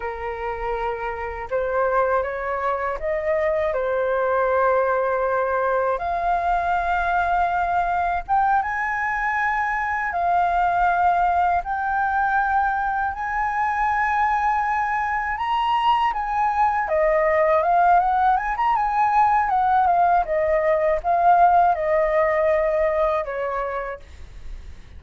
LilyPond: \new Staff \with { instrumentName = "flute" } { \time 4/4 \tempo 4 = 80 ais'2 c''4 cis''4 | dis''4 c''2. | f''2. g''8 gis''8~ | gis''4. f''2 g''8~ |
g''4. gis''2~ gis''8~ | gis''8 ais''4 gis''4 dis''4 f''8 | fis''8 gis''16 ais''16 gis''4 fis''8 f''8 dis''4 | f''4 dis''2 cis''4 | }